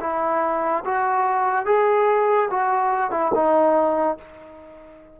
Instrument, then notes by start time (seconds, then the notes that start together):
trombone
0.00 E4
0.84 F#4
1.65 G#4
2.50 F#4
3.11 E4
3.34 D#4